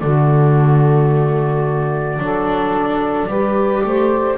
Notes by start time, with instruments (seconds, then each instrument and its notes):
0.00 double bass D3, viola A3, saxophone F#4, trumpet D5
2.18 double bass F#3, viola D4, saxophone A4
3.27 double bass G3, viola G4, saxophone B4
3.84 double bass A3, saxophone C5